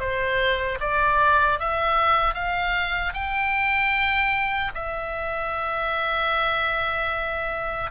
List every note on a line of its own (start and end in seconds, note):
0.00 0.79 C5
0.81 1.60 D5
1.60 2.34 E5
2.34 3.13 F5
3.14 4.72 G5
4.75 7.91 E5